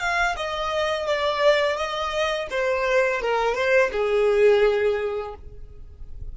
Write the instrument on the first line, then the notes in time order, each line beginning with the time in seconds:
violin
0.00 F5
0.36 D#5
1.07 D5
1.77 D#5
2.50 C5
3.21 A#4
3.55 C5
3.92 G#4